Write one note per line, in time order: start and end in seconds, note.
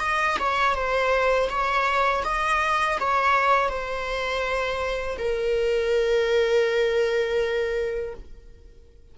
0.00 0.37 D#5
0.39 0.75 C#5
0.75 1.49 C5
1.49 2.24 C#5
2.24 2.98 D#5
3.00 3.69 C#5
3.69 5.17 C5
5.18 8.14 A#4